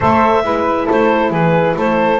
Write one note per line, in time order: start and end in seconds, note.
0.00 0.44 A3
0.00 0.42 A4
0.00 0.44 C5
0.00 0.89 E5
0.42 0.88 G#3
0.42 2.18 E4
0.42 0.86 B4
0.86 1.30 A3
0.86 1.30 A4
0.86 1.31 C5
1.30 1.74 E3
1.30 1.75 G#4
1.30 1.76 B4
1.76 2.19 A3
1.76 2.19 A4
1.76 2.19 C5